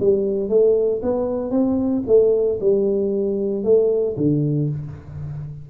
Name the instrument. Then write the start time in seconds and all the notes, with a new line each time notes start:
tuba
0.00 G3
0.49 A3
1.02 B3
1.51 C4
2.07 A3
2.60 G3
3.64 A3
4.17 D3